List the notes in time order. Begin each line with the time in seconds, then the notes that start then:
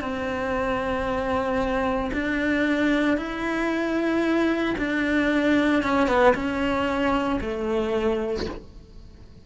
0.00 C4
2.13 D4
3.17 E4
4.78 D4
5.82 C#4
6.08 B3
6.34 C#4
7.41 A3